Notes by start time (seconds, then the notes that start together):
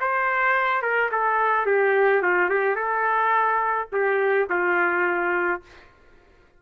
0.00 C5
0.82 A#4
1.11 A4
1.66 G4
2.22 F4
2.49 G4
2.75 A4
3.92 G4
4.49 F4